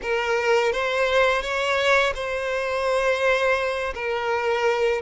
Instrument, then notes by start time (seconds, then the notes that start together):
violin
0.02 A#4
0.72 C5
1.42 C#5
2.14 C5
3.94 A#4